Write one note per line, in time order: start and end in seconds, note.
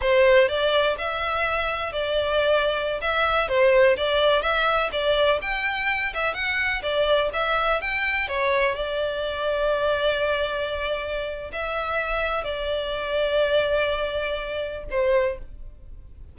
0.01 0.48 C5
0.48 0.96 D5
0.98 1.92 E5
1.92 3.00 D5
3.01 3.48 E5
3.48 3.96 C5
3.96 4.42 D5
4.42 4.90 E5
4.92 5.40 D5
5.41 6.13 G5
6.13 6.33 E5
6.33 6.81 F#5
6.82 7.30 D5
7.33 7.81 E5
7.81 8.28 G5
8.28 8.75 C#5
8.75 11.51 D5
11.52 12.44 E5
12.44 14.84 D5
14.90 15.38 C5